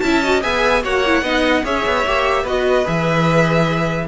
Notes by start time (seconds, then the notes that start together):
0.00 C#4 E4 E5 A5
0.23 F#4 D#5
0.42 B3 G#4 E5 G#5
0.84 A#3 F#4 C#5 F#5
1.06 E4
1.22 B3 D#4 D#5
1.64 C#4 G#4 C#5 E5
1.86 B3
2.06 A#3 G4
2.43 B3 F#4 B4 D#5
2.85 E3 G#4 E5